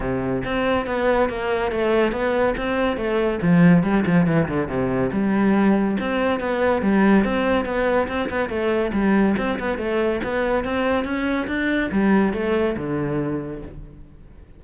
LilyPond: \new Staff \with { instrumentName = "cello" } { \time 4/4 \tempo 4 = 141 c4 c'4 b4 ais4 | a4 b4 c'4 a4 | f4 g8 f8 e8 d8 c4 | g2 c'4 b4 |
g4 c'4 b4 c'8 b8 | a4 g4 c'8 b8 a4 | b4 c'4 cis'4 d'4 | g4 a4 d2 | }